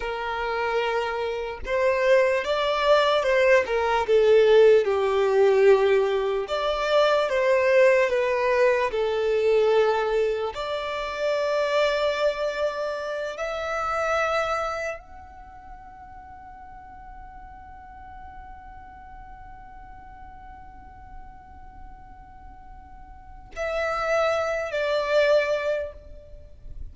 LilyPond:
\new Staff \with { instrumentName = "violin" } { \time 4/4 \tempo 4 = 74 ais'2 c''4 d''4 | c''8 ais'8 a'4 g'2 | d''4 c''4 b'4 a'4~ | a'4 d''2.~ |
d''8 e''2 fis''4.~ | fis''1~ | fis''1~ | fis''4 e''4. d''4. | }